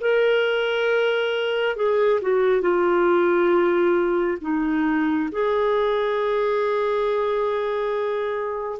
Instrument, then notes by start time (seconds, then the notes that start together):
clarinet
0.00 A#4
1.76 G#4
2.21 F#4
2.61 F4
4.41 D#4
5.31 G#4